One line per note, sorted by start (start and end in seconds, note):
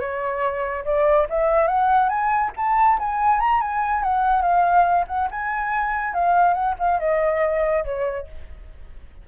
0.00 0.85 C#5
0.85 1.27 D5
1.30 1.68 E5
1.68 2.09 F#5
2.09 2.51 G#5
2.57 2.99 A5
2.99 3.40 G#5
3.40 3.61 A#5
3.61 4.03 G#5
4.03 4.42 F#5
4.42 5.06 F5
5.08 5.29 F#5
5.31 6.14 G#5
6.14 6.54 F5
6.54 6.75 F#5
6.79 7.00 F5
7.00 7.84 D#5
7.85 8.27 C#5